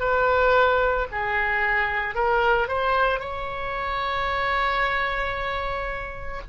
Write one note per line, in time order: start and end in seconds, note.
0.00 1.07 B4
1.12 2.15 G#4
2.15 2.68 A#4
2.68 3.20 C5
3.20 6.41 C#5